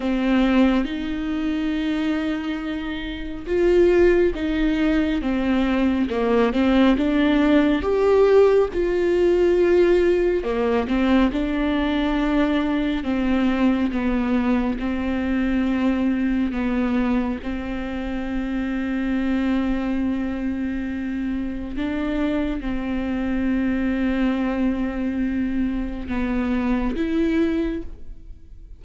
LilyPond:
\new Staff \with { instrumentName = "viola" } { \time 4/4 \tempo 4 = 69 c'4 dis'2. | f'4 dis'4 c'4 ais8 c'8 | d'4 g'4 f'2 | ais8 c'8 d'2 c'4 |
b4 c'2 b4 | c'1~ | c'4 d'4 c'2~ | c'2 b4 e'4 | }